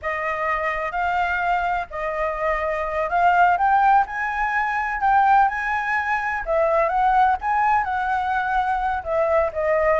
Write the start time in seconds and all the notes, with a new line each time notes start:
0.02 D#5
0.91 F5
1.90 D#5
3.09 F5
3.57 G5
4.06 G#5
5.00 G5
5.48 G#5
6.45 E5
6.88 F#5
7.41 G#5
7.84 F#5
9.03 E5
9.52 D#5